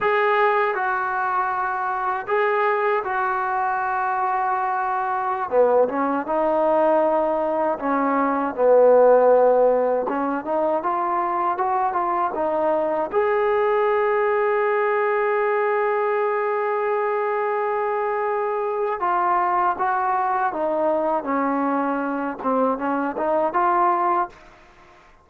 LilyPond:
\new Staff \with { instrumentName = "trombone" } { \time 4/4 \tempo 4 = 79 gis'4 fis'2 gis'4 | fis'2.~ fis'16 b8 cis'16~ | cis'16 dis'2 cis'4 b8.~ | b4~ b16 cis'8 dis'8 f'4 fis'8 f'16~ |
f'16 dis'4 gis'2~ gis'8.~ | gis'1~ | gis'4 f'4 fis'4 dis'4 | cis'4. c'8 cis'8 dis'8 f'4 | }